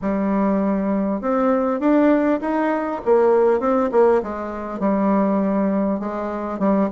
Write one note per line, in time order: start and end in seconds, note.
0.01 1.21 G3
1.21 1.80 C4
1.80 2.40 D4
2.41 3.01 D#4
3.05 3.59 A#3
3.59 3.89 C4
3.91 4.21 A#3
4.22 4.79 G#3
4.79 5.99 G3
5.99 6.59 G#3
6.59 6.89 G3